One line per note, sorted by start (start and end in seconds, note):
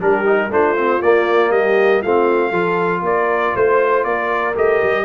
0.00 0.50 G3
0.00 0.25 D4
0.00 0.50 G4
0.00 0.52 A#4
0.25 0.50 D#4
0.50 1.01 A3
0.50 0.76 D4
0.50 1.52 F4
0.50 1.02 C5
0.76 1.01 C4
1.02 1.51 A#3
1.02 2.04 A#3
1.02 1.52 D5
1.51 2.01 G3
1.51 2.01 G4
1.51 2.02 D#5
2.01 2.52 A3
2.01 2.53 C4
2.01 2.50 F4
2.01 3.03 F5
2.50 3.02 F3
2.50 4.54 F4
2.50 3.00 A4
3.02 3.53 A#3
3.02 3.55 A#4
3.02 3.56 D5
3.55 4.05 A3
3.55 4.05 C5
3.55 4.04 C5
4.04 4.55 A#3
4.04 5.05 A#4
4.04 4.54 D5
4.55 4.81 A3
4.55 5.05 G4
4.55 5.05 D#5
4.83 5.05 G3